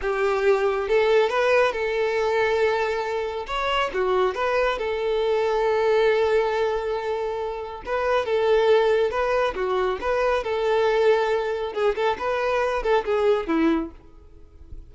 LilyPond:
\new Staff \with { instrumentName = "violin" } { \time 4/4 \tempo 4 = 138 g'2 a'4 b'4 | a'1 | cis''4 fis'4 b'4 a'4~ | a'1~ |
a'2 b'4 a'4~ | a'4 b'4 fis'4 b'4 | a'2. gis'8 a'8 | b'4. a'8 gis'4 e'4 | }